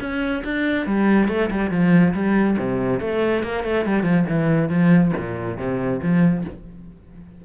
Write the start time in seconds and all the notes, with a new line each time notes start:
0.00 C#4
0.44 D4
0.86 G3
1.28 A3
1.50 G3
1.70 F3
2.13 G3
2.58 C3
3.00 A3
3.43 A#3
3.64 A3
3.85 G3
4.03 F3
4.29 E3
4.69 F3
5.17 A#2
5.58 C3
6.02 F3